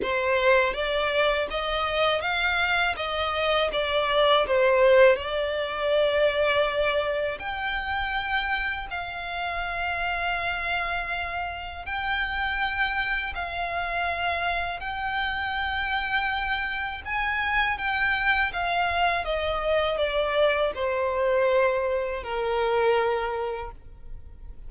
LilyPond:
\new Staff \with { instrumentName = "violin" } { \time 4/4 \tempo 4 = 81 c''4 d''4 dis''4 f''4 | dis''4 d''4 c''4 d''4~ | d''2 g''2 | f''1 |
g''2 f''2 | g''2. gis''4 | g''4 f''4 dis''4 d''4 | c''2 ais'2 | }